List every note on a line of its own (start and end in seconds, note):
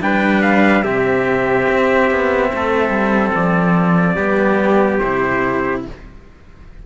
0.00 0.84 G3
0.00 0.83 D4
0.00 0.84 B4
0.00 0.42 G5
0.42 0.83 F5
0.83 1.67 C3
0.83 4.18 C4
0.83 2.51 G4
0.83 3.33 E5
1.69 2.10 C4
2.11 2.52 B3
2.53 2.89 A3
2.53 4.16 A4
2.89 3.31 G3
3.35 4.16 F3
3.35 4.99 D5
4.16 4.99 G3
4.16 5.01 B3
4.16 5.82 G4
4.99 5.85 C3
4.99 5.86 E4
4.99 5.82 C5